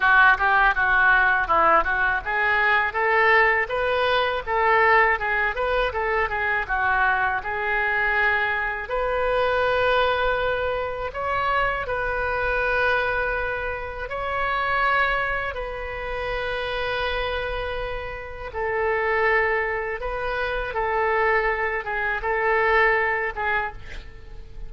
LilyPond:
\new Staff \with { instrumentName = "oboe" } { \time 4/4 \tempo 4 = 81 fis'8 g'8 fis'4 e'8 fis'8 gis'4 | a'4 b'4 a'4 gis'8 b'8 | a'8 gis'8 fis'4 gis'2 | b'2. cis''4 |
b'2. cis''4~ | cis''4 b'2.~ | b'4 a'2 b'4 | a'4. gis'8 a'4. gis'8 | }